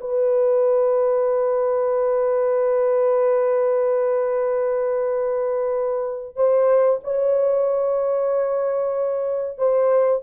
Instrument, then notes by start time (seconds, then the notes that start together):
horn
0.00 B4
6.36 C5
7.03 C#5
9.58 C5